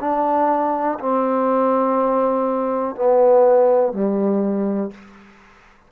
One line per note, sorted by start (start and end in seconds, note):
0.00 0.98 D4
1.00 2.95 C4
2.95 3.93 B3
3.93 4.91 G3